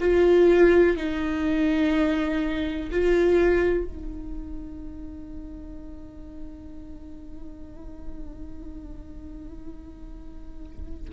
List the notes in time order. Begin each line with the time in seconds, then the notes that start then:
0.00 F4
0.96 D#4
2.91 F4
3.84 D#4